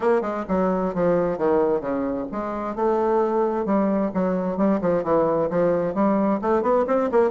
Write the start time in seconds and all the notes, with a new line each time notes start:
0.00 A#3
0.21 G#3
0.48 F#3
0.94 F3
1.38 D#3
1.80 C#3
2.31 G#3
2.75 A3
3.65 G3
4.13 F#3
4.57 G3
4.81 F3
5.03 E3
5.50 F3
5.94 G3
6.41 A3
6.62 B3
6.87 C4
7.11 A#3